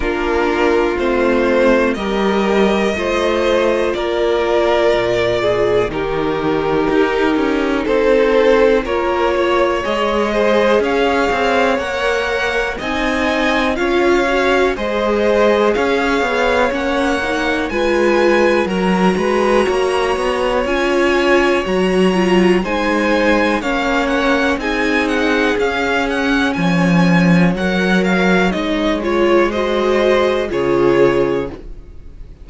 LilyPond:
<<
  \new Staff \with { instrumentName = "violin" } { \time 4/4 \tempo 4 = 61 ais'4 c''4 dis''2 | d''2 ais'2 | c''4 cis''4 dis''4 f''4 | fis''4 gis''4 f''4 dis''4 |
f''4 fis''4 gis''4 ais''4~ | ais''4 gis''4 ais''4 gis''4 | f''8 fis''8 gis''8 fis''8 f''8 fis''8 gis''4 | fis''8 f''8 dis''8 cis''8 dis''4 cis''4 | }
  \new Staff \with { instrumentName = "violin" } { \time 4/4 f'2 ais'4 c''4 | ais'4. gis'8 g'2 | a'4 ais'8 cis''4 c''8 cis''4~ | cis''4 dis''4 cis''4 c''4 |
cis''2 b'4 ais'8 b'8 | cis''2. c''4 | cis''4 gis'2 cis''4~ | cis''2 c''4 gis'4 | }
  \new Staff \with { instrumentName = "viola" } { \time 4/4 d'4 c'4 g'4 f'4~ | f'2 dis'2~ | dis'4 f'4 gis'2 | ais'4 dis'4 f'8 fis'8 gis'4~ |
gis'4 cis'8 dis'8 f'4 fis'4~ | fis'4 f'4 fis'8 f'8 dis'4 | cis'4 dis'4 cis'2 | ais'4 dis'8 f'8 fis'4 f'4 | }
  \new Staff \with { instrumentName = "cello" } { \time 4/4 ais4 a4 g4 a4 | ais4 ais,4 dis4 dis'8 cis'8 | c'4 ais4 gis4 cis'8 c'8 | ais4 c'4 cis'4 gis4 |
cis'8 b8 ais4 gis4 fis8 gis8 | ais8 b8 cis'4 fis4 gis4 | ais4 c'4 cis'4 f4 | fis4 gis2 cis4 | }
>>